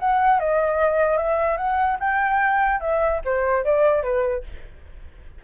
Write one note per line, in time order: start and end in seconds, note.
0.00 0.40 F#5
0.40 1.18 D#5
1.18 1.57 E5
1.57 1.98 F#5
2.00 2.81 G5
2.81 3.22 E5
3.25 3.65 C5
3.65 4.03 D5
4.03 4.44 B4